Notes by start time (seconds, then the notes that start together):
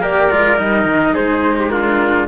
0.00 A#3 G4 A#4 D5
0.31 G#3 F4
0.57 G3 D#4 D#5
0.85 D#3
1.14 G#3 G#4 C5
1.59 G4
1.69 D4 F4 A#4